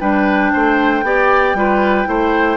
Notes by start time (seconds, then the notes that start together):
0.00 G3 D4 B4 G5
0.53 A3 C5
1.02 B3 G4 D5
1.54 G3 F4 B4
2.05 A3 E4 C5